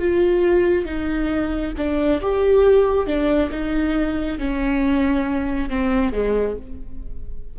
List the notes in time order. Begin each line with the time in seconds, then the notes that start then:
0.00 F4
0.86 D#4
1.78 D4
2.22 G4
3.07 D4
3.51 D#4
4.39 C#4
5.70 C4
6.13 G#3